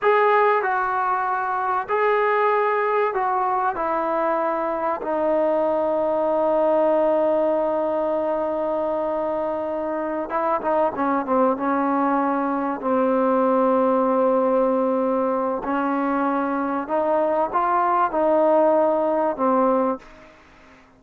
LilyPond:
\new Staff \with { instrumentName = "trombone" } { \time 4/4 \tempo 4 = 96 gis'4 fis'2 gis'4~ | gis'4 fis'4 e'2 | dis'1~ | dis'1~ |
dis'8 e'8 dis'8 cis'8 c'8 cis'4.~ | cis'8 c'2.~ c'8~ | c'4 cis'2 dis'4 | f'4 dis'2 c'4 | }